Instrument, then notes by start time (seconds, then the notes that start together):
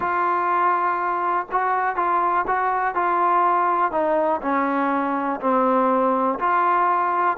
trombone
0.00 F4
1.51 F#4
1.96 F4
2.47 F#4
2.94 F4
3.91 D#4
4.42 C#4
5.40 C4
6.39 F4